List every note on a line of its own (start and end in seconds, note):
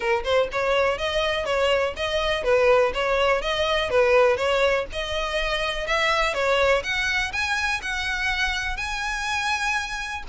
0.00 0.23 A#4
0.24 0.48 C5
0.52 0.98 C#5
0.98 1.45 D#5
1.45 1.94 C#5
1.96 2.43 D#5
2.43 2.92 B4
2.94 3.41 C#5
3.41 3.90 D#5
3.90 4.37 B4
4.37 4.85 C#5
4.92 5.87 D#5
5.87 6.33 E5
6.33 6.82 C#5
6.83 7.31 F#5
7.32 7.80 G#5
7.82 8.76 F#5
8.76 10.23 G#5